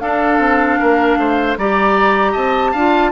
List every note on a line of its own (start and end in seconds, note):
0.00 0.38 D4
0.00 1.58 D4
0.00 0.79 A4
0.00 1.56 F5
0.38 0.77 C4
0.79 1.16 A#3
0.79 1.18 A#4
1.16 1.55 A3
1.16 1.58 C5
1.57 2.35 G3
1.57 2.75 G4
1.57 2.32 D5
1.57 2.34 A#5
2.32 2.74 C4
2.32 2.71 D#5
2.32 3.12 A5
2.71 3.12 D4
2.71 3.12 F4
2.71 3.10 F5